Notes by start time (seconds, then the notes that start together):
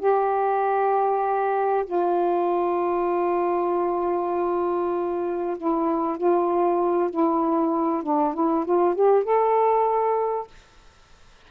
0.00 G4
1.86 F4
5.58 E4
6.18 F4
7.11 E4
8.04 D4
8.34 E4
8.66 F4
8.96 G4
9.24 A4